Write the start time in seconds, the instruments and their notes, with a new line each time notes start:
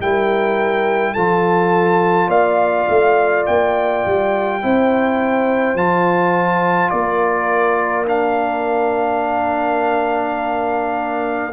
0.00 tuba G3, trombone E4, horn A#4, trumpet G5
1.13 tuba F3, trombone F4, horn A4, trumpet A5
2.28 tuba A#3, horn D5, trumpet F5
2.89 tuba A3
3.46 tuba A#3, trumpet G5
4.06 tuba G3
4.62 tuba C4, trombone E4, horn C5
5.75 tuba F3, trombone F4, trumpet A5
6.90 tuba A#3, horn A#4, trumpet D5
8.06 trombone D4, trumpet F5